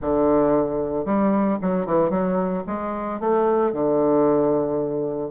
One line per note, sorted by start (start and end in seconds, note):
0.01 1.05 D3
1.05 1.58 G3
1.61 1.86 F#3
1.86 2.10 E3
2.10 2.63 F#3
2.66 3.20 G#3
3.20 3.72 A3
3.72 5.30 D3